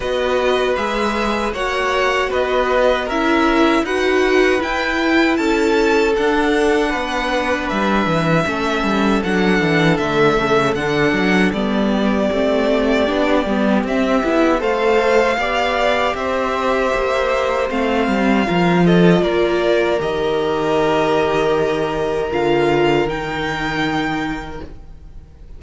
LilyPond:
<<
  \new Staff \with { instrumentName = "violin" } { \time 4/4 \tempo 4 = 78 dis''4 e''4 fis''4 dis''4 | e''4 fis''4 g''4 a''4 | fis''2 e''2 | fis''4 e''4 fis''4 d''4~ |
d''2 e''4 f''4~ | f''4 e''2 f''4~ | f''8 dis''8 d''4 dis''2~ | dis''4 f''4 g''2 | }
  \new Staff \with { instrumentName = "violin" } { \time 4/4 b'2 cis''4 b'4 | ais'4 b'2 a'4~ | a'4 b'2 a'4~ | a'2.~ a'8 g'8~ |
g'2. c''4 | d''4 c''2. | ais'8 a'8 ais'2.~ | ais'1 | }
  \new Staff \with { instrumentName = "viola" } { \time 4/4 fis'4 gis'4 fis'2 | e'4 fis'4 e'2 | d'2. cis'4 | d'4 a4 d'4 b4 |
c'4 d'8 b8 c'8 e'8 a'4 | g'2. c'4 | f'2 g'2~ | g'4 f'4 dis'2 | }
  \new Staff \with { instrumentName = "cello" } { \time 4/4 b4 gis4 ais4 b4 | cis'4 dis'4 e'4 cis'4 | d'4 b4 g8 e8 a8 g8 | fis8 e8 d8 cis8 d8 fis8 g4 |
a4 b8 g8 c'8 b8 a4 | b4 c'4 ais4 a8 g8 | f4 ais4 dis2~ | dis4 d4 dis2 | }
>>